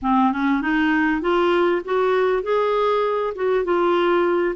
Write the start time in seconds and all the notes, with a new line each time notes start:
0.02 C4
0.32 C#4
0.61 D#4
1.21 F4
1.84 F#4
2.42 G#4
3.35 F#4
3.64 F4